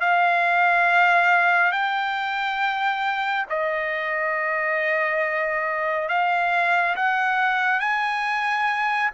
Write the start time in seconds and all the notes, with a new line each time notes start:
0.00 F5
1.72 G5
3.49 D#5
6.09 F5
6.96 F#5
7.80 G#5